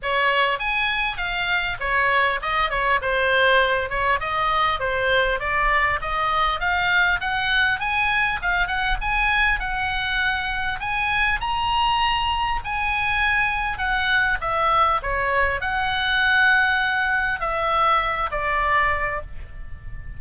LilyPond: \new Staff \with { instrumentName = "oboe" } { \time 4/4 \tempo 4 = 100 cis''4 gis''4 f''4 cis''4 | dis''8 cis''8 c''4. cis''8 dis''4 | c''4 d''4 dis''4 f''4 | fis''4 gis''4 f''8 fis''8 gis''4 |
fis''2 gis''4 ais''4~ | ais''4 gis''2 fis''4 | e''4 cis''4 fis''2~ | fis''4 e''4. d''4. | }